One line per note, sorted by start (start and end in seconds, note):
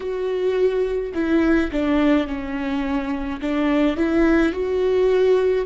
0.00 1.12 F#4
1.14 1.70 E4
1.71 2.26 D4
2.26 3.40 C#4
3.41 3.96 D4
3.96 4.52 E4
4.52 5.66 F#4